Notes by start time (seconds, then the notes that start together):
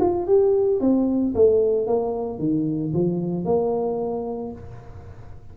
0.00 F4
0.27 G4
0.81 C4
1.35 A3
1.87 A#3
2.39 D#3
2.93 F3
3.45 A#3